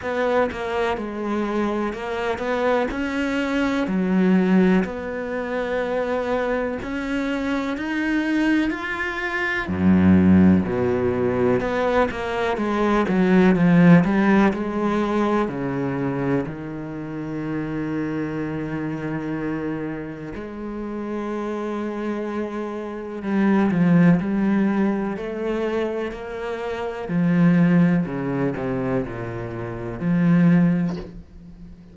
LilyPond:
\new Staff \with { instrumentName = "cello" } { \time 4/4 \tempo 4 = 62 b8 ais8 gis4 ais8 b8 cis'4 | fis4 b2 cis'4 | dis'4 f'4 fis,4 b,4 | b8 ais8 gis8 fis8 f8 g8 gis4 |
cis4 dis2.~ | dis4 gis2. | g8 f8 g4 a4 ais4 | f4 cis8 c8 ais,4 f4 | }